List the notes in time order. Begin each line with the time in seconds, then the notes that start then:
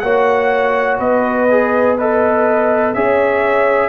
0.00 A#3 F#4 C#5 F#5
0.99 B3 B4 D#5
1.51 G#4
1.98 A4 B4 D#5
2.94 C#4 G#4 C#5 E5